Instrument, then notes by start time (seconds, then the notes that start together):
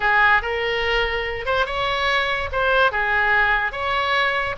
oboe
0.00 G#4
0.42 A#4
1.45 C5
1.66 C#5
2.52 C5
2.91 G#4
3.72 C#5